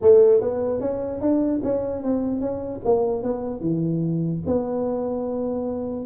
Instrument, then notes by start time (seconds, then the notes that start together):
tuba
0.01 A3
0.41 B3
0.80 C#4
1.20 D4
1.63 C#4
2.03 C4
2.40 C#4
2.84 A#3
3.23 B3
3.60 E3
4.46 B3